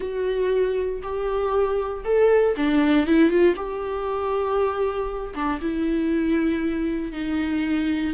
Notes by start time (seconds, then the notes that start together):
0.00 F#4
1.02 G4
2.04 A4
2.56 D4
3.06 E4
3.29 F4
3.56 G4
5.34 D4
5.61 E4
7.12 D#4